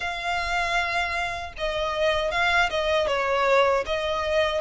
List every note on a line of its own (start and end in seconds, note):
0.00 1.53 F5
1.57 2.31 D#5
2.31 2.69 F5
2.70 3.07 D#5
3.07 3.84 C#5
3.86 4.61 D#5